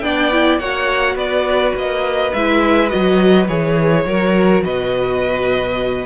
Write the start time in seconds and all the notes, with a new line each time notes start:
0.00 B3 D4 D5 G5
0.31 E4
0.58 A#3 F#4 C#5 F#5
1.15 B3 B4 D5
1.74 A#3 D#5
2.33 G#3 E4 E5
2.89 F#3 F#4 D#5
3.48 E3 G#4 C#5
4.05 F#3 F#4 A#4
4.64 B2 B4 D#5